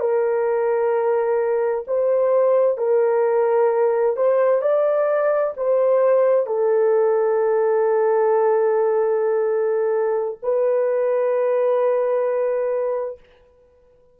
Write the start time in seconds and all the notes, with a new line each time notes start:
0.00 A#4
1.87 C5
2.78 A#4
4.16 C5
4.62 D5
5.57 C5
6.47 A4
10.43 B4